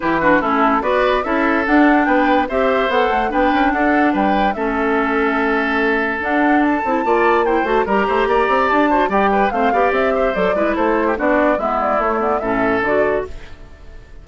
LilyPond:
<<
  \new Staff \with { instrumentName = "flute" } { \time 4/4 \tempo 4 = 145 b'4 a'4 d''4 e''4 | fis''4 g''4 e''4 fis''4 | g''4 fis''4 g''4 e''4~ | e''2. fis''4 |
a''2 g''8 a''8 ais''4~ | ais''4 a''4 g''4 f''4 | e''4 d''4 c''4 d''4 | e''8 d''8 cis''8 d''8 e''4 d''4 | }
  \new Staff \with { instrumentName = "oboe" } { \time 4/4 g'8 fis'8 e'4 b'4 a'4~ | a'4 b'4 c''2 | b'4 a'4 b'4 a'4~ | a'1~ |
a'4 d''4 c''4 ais'8 c''8 | d''4. c''8 d''8 b'8 c''8 d''8~ | d''8 c''4 b'8 a'8. g'16 fis'4 | e'2 a'2 | }
  \new Staff \with { instrumentName = "clarinet" } { \time 4/4 e'8 d'8 cis'4 fis'4 e'4 | d'2 g'4 a'4 | d'2. cis'4~ | cis'2. d'4~ |
d'8 e'8 f'4 e'8 fis'8 g'4~ | g'4. fis'8 g'4 c'8 g'8~ | g'4 a'8 e'4. d'4 | b4 a8 b8 cis'4 fis'4 | }
  \new Staff \with { instrumentName = "bassoon" } { \time 4/4 e4 a4 b4 cis'4 | d'4 b4 c'4 b8 a8 | b8 cis'8 d'4 g4 a4~ | a2. d'4~ |
d'8 c'8 ais4. a8 g8 a8 | ais8 c'8 d'4 g4 a8 b8 | c'4 fis8 gis8 a4 b4 | gis4 a4 a,4 d4 | }
>>